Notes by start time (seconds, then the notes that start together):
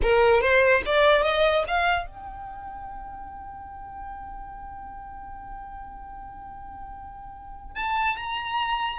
0.02 A#4
0.41 C5
0.85 D5
1.22 D#5
1.67 F5
2.06 G5
7.75 A5
8.16 A#5